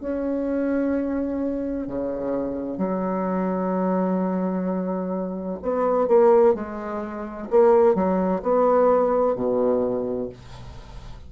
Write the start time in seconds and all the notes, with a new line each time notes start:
0.00 C#4
1.87 C#3
2.78 F#3
5.62 B3
6.08 A#3
6.55 G#3
7.50 A#3
7.95 F#3
8.42 B3
9.35 B2